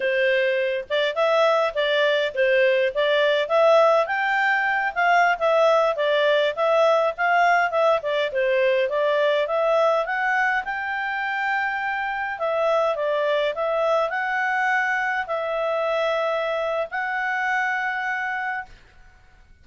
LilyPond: \new Staff \with { instrumentName = "clarinet" } { \time 4/4 \tempo 4 = 103 c''4. d''8 e''4 d''4 | c''4 d''4 e''4 g''4~ | g''8 f''8. e''4 d''4 e''8.~ | e''16 f''4 e''8 d''8 c''4 d''8.~ |
d''16 e''4 fis''4 g''4.~ g''16~ | g''4~ g''16 e''4 d''4 e''8.~ | e''16 fis''2 e''4.~ e''16~ | e''4 fis''2. | }